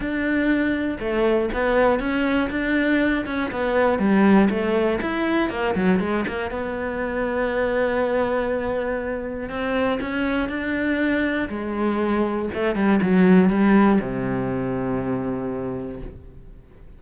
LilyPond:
\new Staff \with { instrumentName = "cello" } { \time 4/4 \tempo 4 = 120 d'2 a4 b4 | cis'4 d'4. cis'8 b4 | g4 a4 e'4 ais8 fis8 | gis8 ais8 b2.~ |
b2. c'4 | cis'4 d'2 gis4~ | gis4 a8 g8 fis4 g4 | c1 | }